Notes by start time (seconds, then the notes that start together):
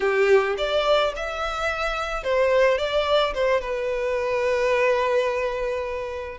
0.00 G4
0.57 D5
1.15 E5
2.23 C5
2.78 D5
3.34 C5
3.61 B4